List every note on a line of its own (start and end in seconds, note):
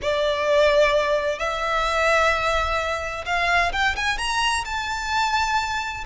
0.01 1.38 D5
1.38 3.25 E5
3.25 3.72 F5
3.72 3.95 G5
3.95 4.18 G#5
4.18 4.64 A#5
4.64 6.04 A5